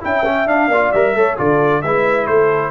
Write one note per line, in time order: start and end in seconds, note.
0.00 0.46 C#4
0.00 0.23 E4
0.00 0.68 E5
0.00 0.47 G5
0.25 0.47 C#4
0.46 0.67 D4
0.46 0.69 D4
0.46 0.91 F5
0.67 0.90 A#3
0.67 0.94 F4
0.67 1.14 D5
0.91 1.14 G3
0.91 1.16 A#4
0.91 1.36 E5
1.14 1.37 A3
1.14 1.37 A4
1.14 1.37 C#5
1.37 1.83 D3
1.37 1.82 F4
1.37 1.83 A4
1.37 1.81 D5
1.81 2.27 G#3
1.81 2.71 E4
1.81 2.28 B4
1.81 2.26 E5
2.26 2.71 A3
2.26 2.71 A4
2.26 2.71 C5